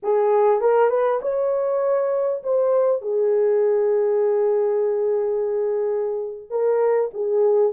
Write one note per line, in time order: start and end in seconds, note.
0.02 0.61 G#4
0.61 0.89 A#4
0.89 1.20 B4
1.21 2.42 C#5
2.43 3.01 C5
3.01 6.50 G#4
6.50 7.10 A#4
7.13 7.72 G#4